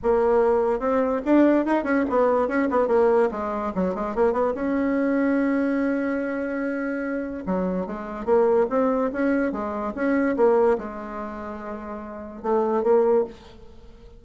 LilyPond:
\new Staff \with { instrumentName = "bassoon" } { \time 4/4 \tempo 4 = 145 ais2 c'4 d'4 | dis'8 cis'8 b4 cis'8 b8 ais4 | gis4 fis8 gis8 ais8 b8 cis'4~ | cis'1~ |
cis'2 fis4 gis4 | ais4 c'4 cis'4 gis4 | cis'4 ais4 gis2~ | gis2 a4 ais4 | }